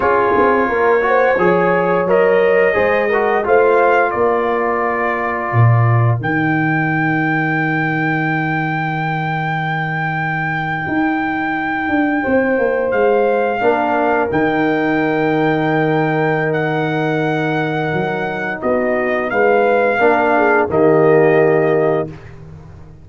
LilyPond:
<<
  \new Staff \with { instrumentName = "trumpet" } { \time 4/4 \tempo 4 = 87 cis''2. dis''4~ | dis''4 f''4 d''2~ | d''4 g''2.~ | g''1~ |
g''2~ g''8. f''4~ f''16~ | f''8. g''2.~ g''16 | fis''2. dis''4 | f''2 dis''2 | }
  \new Staff \with { instrumentName = "horn" } { \time 4/4 gis'4 ais'8 c''8 cis''2 | c''8 ais'8 c''4 ais'2~ | ais'1~ | ais'1~ |
ais'4.~ ais'16 c''2 ais'16~ | ais'1~ | ais'2. fis'4 | b'4 ais'8 gis'8 g'2 | }
  \new Staff \with { instrumentName = "trombone" } { \time 4/4 f'4. fis'8 gis'4 ais'4 | gis'8 fis'8 f'2.~ | f'4 dis'2.~ | dis'1~ |
dis'2.~ dis'8. d'16~ | d'8. dis'2.~ dis'16~ | dis'1~ | dis'4 d'4 ais2 | }
  \new Staff \with { instrumentName = "tuba" } { \time 4/4 cis'8 c'8 ais4 f4 fis4 | gis4 a4 ais2 | ais,4 dis2.~ | dis2.~ dis8. dis'16~ |
dis'4~ dis'16 d'8 c'8 ais8 gis4 ais16~ | ais8. dis2.~ dis16~ | dis2 fis4 b4 | gis4 ais4 dis2 | }
>>